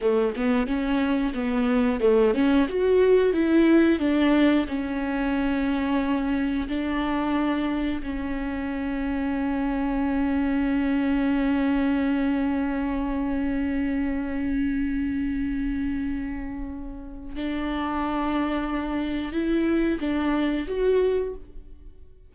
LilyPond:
\new Staff \with { instrumentName = "viola" } { \time 4/4 \tempo 4 = 90 a8 b8 cis'4 b4 a8 cis'8 | fis'4 e'4 d'4 cis'4~ | cis'2 d'2 | cis'1~ |
cis'1~ | cis'1~ | cis'2 d'2~ | d'4 e'4 d'4 fis'4 | }